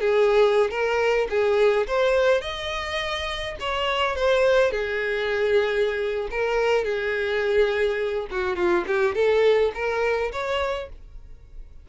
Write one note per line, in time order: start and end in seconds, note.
0.00 0.70 G#4
0.70 1.27 A#4
1.29 1.86 G#4
1.87 2.41 C5
2.41 3.55 D#5
3.60 4.15 C#5
4.15 4.71 C5
4.71 6.28 G#4
6.31 6.84 A#4
6.84 8.27 G#4
8.31 8.56 F#4
8.56 8.84 F4
8.87 9.15 G4
9.15 9.72 A4
9.74 10.31 A#4
10.32 10.89 C#5